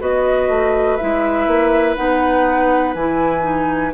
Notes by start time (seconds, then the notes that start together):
0.00 B3 F#4 B4 D#5
0.48 A3
0.97 G#3 E4 E5
1.47 A#3
1.95 B3 D#4 F#5
2.95 E3 E4 G#5
3.42 D#4